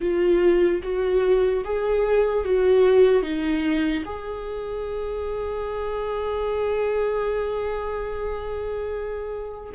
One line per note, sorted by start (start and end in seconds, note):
0.00 0.81 F4
0.83 1.64 F#4
1.64 2.44 G#4
2.44 3.22 F#4
3.22 4.03 D#4
4.05 9.72 G#4